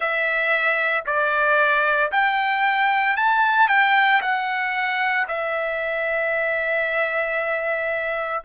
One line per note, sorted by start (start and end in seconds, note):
0.00 1.03 E5
1.06 2.11 D5
2.11 3.16 G5
3.16 3.68 A5
3.68 4.21 G5
4.21 5.26 F#5
5.27 8.43 E5